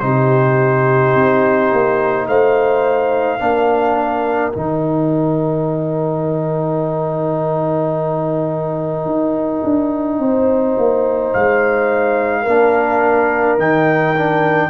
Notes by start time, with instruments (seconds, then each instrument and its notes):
0.00 tuba C3, trombone D#4, horn G4, trumpet C5
1.15 tuba C4
1.73 tuba A#3
2.28 tuba A3, horn C5, trumpet F5
3.40 tuba A#3, trombone D4, horn A#4
4.52 tuba D#3, trombone D#4, trumpet G5
9.06 tuba D#4
9.64 tuba D4
10.19 tuba C4, horn C5
10.78 tuba A#3
11.34 tuba G#3, trumpet F5
12.42 tuba A#3, trombone D4, horn A#4
13.58 tuba D#3, trombone D#4, trumpet G5
14.16 trombone D4